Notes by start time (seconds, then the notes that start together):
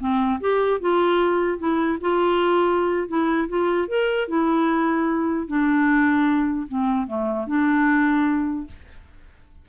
0.00 C4
0.41 G4
0.81 F4
1.59 E4
2.01 F4
3.08 E4
3.49 F4
3.88 A#4
4.28 E4
5.47 D4
6.68 C4
7.07 A3
7.47 D4